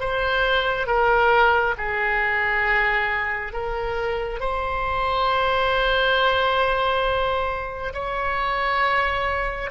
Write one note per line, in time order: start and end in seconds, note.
0.00 0.87 C5
0.87 1.75 A#4
1.78 3.53 G#4
3.53 4.40 A#4
4.40 7.93 C5
7.94 9.70 C#5